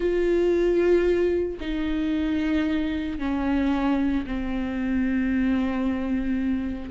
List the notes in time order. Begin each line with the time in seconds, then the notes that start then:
0.00 F4
1.60 D#4
3.19 C#4
4.26 C4